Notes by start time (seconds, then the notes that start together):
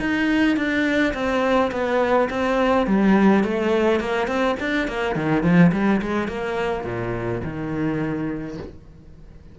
0.00 D#4
0.56 D4
1.14 C4
1.71 B3
2.30 C4
2.87 G3
3.44 A3
4.00 A#3
4.27 C4
4.60 D4
4.88 A#3
5.15 D#3
5.43 F3
5.72 G3
6.02 G#3
6.28 A#3
6.84 A#2
7.44 D#3